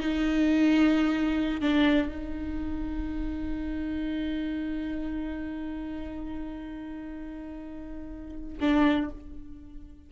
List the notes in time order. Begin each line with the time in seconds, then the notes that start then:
0.00 D#4
1.61 D4
2.09 D#4
8.60 D4